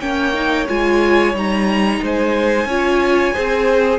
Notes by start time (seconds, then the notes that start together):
0.00 A#3 C#4 C#5 G5
0.33 D#4
0.68 G#3 F4 G#5
1.33 G3 D#4 A#5
2.02 G#3 C5 G#5
2.65 C#4 F4 C#5
3.33 C4 G#4 C5